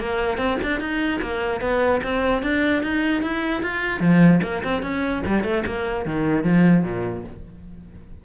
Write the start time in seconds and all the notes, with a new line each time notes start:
0.00 A#3
0.38 C4
0.63 D4
0.80 D#4
1.22 A#3
1.61 B3
2.04 C4
2.43 D4
2.83 D#4
3.23 E4
3.63 F4
4.00 F3
4.43 A#3
4.64 C4
4.83 C#4
5.27 G3
5.44 A3
5.67 A#3
6.06 D#3
6.44 F3
6.84 A#2